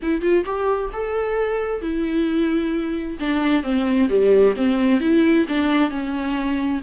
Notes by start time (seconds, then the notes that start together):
0.02 E4
0.21 F4
0.45 G4
0.92 A4
1.81 E4
3.19 D4
3.63 C4
4.09 G3
4.56 C4
5.00 E4
5.48 D4
5.90 C#4